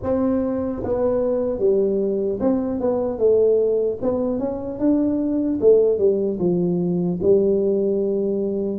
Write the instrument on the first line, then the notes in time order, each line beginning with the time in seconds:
tuba
0.02 C4
0.83 B3
1.59 G3
2.40 C4
2.80 B3
3.18 A3
4.01 B3
4.39 C#4
4.79 D4
5.60 A3
5.98 G3
6.39 F3
7.22 G3